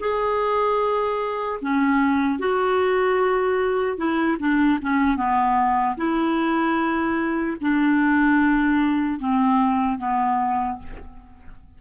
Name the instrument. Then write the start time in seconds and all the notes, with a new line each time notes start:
clarinet
0.00 G#4
1.61 C#4
2.39 F#4
3.97 E4
4.40 D4
4.82 C#4
5.17 B3
5.97 E4
7.61 D4
9.20 C4
9.99 B3